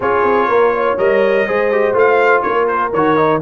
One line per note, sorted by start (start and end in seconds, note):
0.00 0.23 C#4
0.00 0.98 F4
0.00 0.48 G#4
0.00 0.98 C#5
0.23 0.47 C4
0.47 0.96 A#3
0.47 0.72 A#4
0.74 1.47 C#5
0.98 1.47 G3
0.98 1.46 A#4
0.98 1.95 D#5
1.47 1.93 G#3
1.47 1.71 G#4
1.47 2.45 C5
1.71 1.94 G4
1.93 2.42 A3
1.93 2.91 F4
1.93 2.42 F5
2.42 2.92 A#3
2.42 3.42 A#4
2.42 2.66 C#5
2.67 2.91 C5
2.92 3.41 D#3
2.92 3.16 F#4
2.92 3.42 C#5
3.16 3.40 D#4